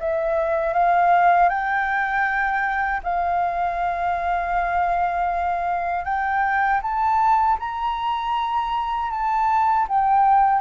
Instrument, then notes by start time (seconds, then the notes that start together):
flute
0.00 E5
0.73 F5
1.49 G5
3.03 F5
6.04 G5
6.82 A5
7.59 A#5
9.10 A5
9.88 G5